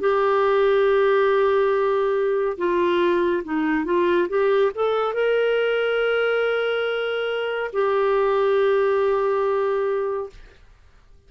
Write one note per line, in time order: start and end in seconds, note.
0.00 2.57 G4
2.58 3.43 F4
3.44 3.85 D#4
3.85 4.28 F4
4.29 4.72 G4
4.75 5.14 A4
5.14 7.71 A#4
7.73 10.30 G4